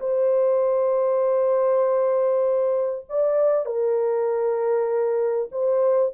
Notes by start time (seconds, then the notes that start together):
0.00 C5
3.09 D5
3.66 A#4
5.52 C5